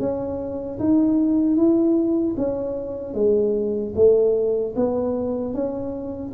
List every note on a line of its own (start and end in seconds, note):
0.00 0.79 C#4
0.79 1.56 D#4
1.56 2.35 E4
2.38 3.14 C#4
3.14 3.93 G#3
3.95 4.74 A3
4.76 5.54 B3
5.54 6.33 C#4